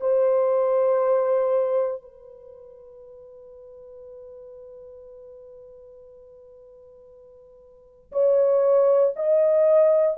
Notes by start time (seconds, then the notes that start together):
0.00 C5
2.01 B4
8.11 C#5
9.15 D#5